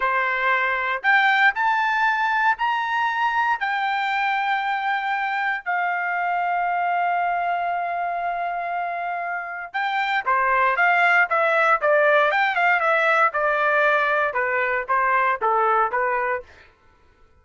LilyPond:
\new Staff \with { instrumentName = "trumpet" } { \time 4/4 \tempo 4 = 117 c''2 g''4 a''4~ | a''4 ais''2 g''4~ | g''2. f''4~ | f''1~ |
f''2. g''4 | c''4 f''4 e''4 d''4 | g''8 f''8 e''4 d''2 | b'4 c''4 a'4 b'4 | }